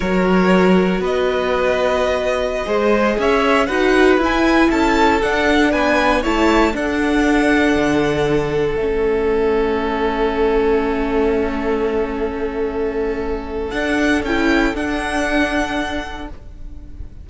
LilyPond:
<<
  \new Staff \with { instrumentName = "violin" } { \time 4/4 \tempo 4 = 118 cis''2 dis''2~ | dis''2~ dis''16 e''4 fis''8.~ | fis''16 gis''4 a''4 fis''4 gis''8.~ | gis''16 a''4 fis''2~ fis''8.~ |
fis''4~ fis''16 e''2~ e''8.~ | e''1~ | e''2. fis''4 | g''4 fis''2. | }
  \new Staff \with { instrumentName = "violin" } { \time 4/4 ais'2 b'2~ | b'4~ b'16 c''4 cis''4 b'8.~ | b'4~ b'16 a'2 b'8.~ | b'16 cis''4 a'2~ a'8.~ |
a'1~ | a'1~ | a'1~ | a'1 | }
  \new Staff \with { instrumentName = "viola" } { \time 4/4 fis'1~ | fis'4~ fis'16 gis'2 fis'8.~ | fis'16 e'2 d'4.~ d'16~ | d'16 e'4 d'2~ d'8.~ |
d'4~ d'16 cis'2~ cis'8.~ | cis'1~ | cis'2. d'4 | e'4 d'2. | }
  \new Staff \with { instrumentName = "cello" } { \time 4/4 fis2 b2~ | b4~ b16 gis4 cis'4 dis'8.~ | dis'16 e'4 cis'4 d'4 b8.~ | b16 a4 d'2 d8.~ |
d4~ d16 a2~ a8.~ | a1~ | a2. d'4 | cis'4 d'2. | }
>>